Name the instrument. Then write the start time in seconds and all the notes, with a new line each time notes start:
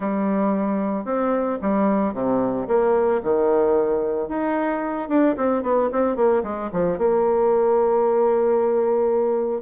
bassoon
0.00 G3
1.04 C4
1.61 G3
2.13 C3
2.67 A#3
3.23 D#3
4.28 D#4
5.09 D4
5.36 C4
5.62 B3
5.92 C4
6.16 A#3
6.43 G#3
6.72 F3
6.98 A#3